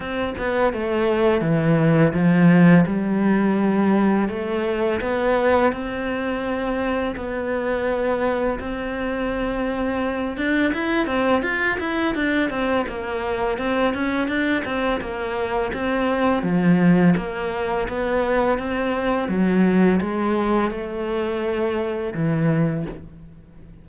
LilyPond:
\new Staff \with { instrumentName = "cello" } { \time 4/4 \tempo 4 = 84 c'8 b8 a4 e4 f4 | g2 a4 b4 | c'2 b2 | c'2~ c'8 d'8 e'8 c'8 |
f'8 e'8 d'8 c'8 ais4 c'8 cis'8 | d'8 c'8 ais4 c'4 f4 | ais4 b4 c'4 fis4 | gis4 a2 e4 | }